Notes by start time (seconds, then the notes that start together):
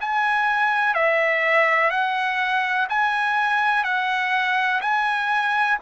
0.00 G#5
0.94 E5
1.90 F#5
2.89 G#5
3.84 F#5
4.81 G#5